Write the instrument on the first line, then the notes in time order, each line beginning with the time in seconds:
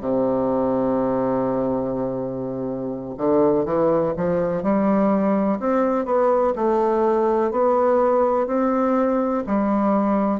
bassoon
0.00 C3
3.17 D3
3.65 E3
4.17 F3
4.62 G3
5.60 C4
6.05 B3
6.55 A3
7.51 B3
8.47 C4
9.47 G3